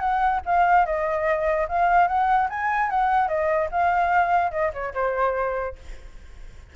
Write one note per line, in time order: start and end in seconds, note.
0.00 0.41 F#5
0.46 0.86 F5
0.86 1.67 D#5
1.68 2.08 F5
2.08 2.49 F#5
2.50 2.90 G#5
2.90 3.28 F#5
3.28 3.69 D#5
3.71 4.51 F5
4.51 4.72 D#5
4.73 4.94 C#5
4.94 5.76 C5